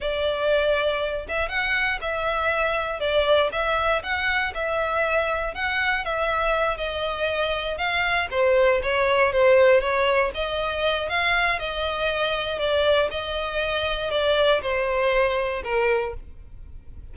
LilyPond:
\new Staff \with { instrumentName = "violin" } { \time 4/4 \tempo 4 = 119 d''2~ d''8 e''8 fis''4 | e''2 d''4 e''4 | fis''4 e''2 fis''4 | e''4. dis''2 f''8~ |
f''8 c''4 cis''4 c''4 cis''8~ | cis''8 dis''4. f''4 dis''4~ | dis''4 d''4 dis''2 | d''4 c''2 ais'4 | }